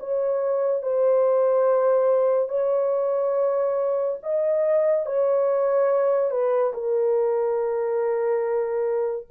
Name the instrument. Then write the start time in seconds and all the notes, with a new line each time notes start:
horn
0.00 C#5
0.83 C5
2.49 C#5
4.23 D#5
5.06 C#5
6.31 B4
6.74 A#4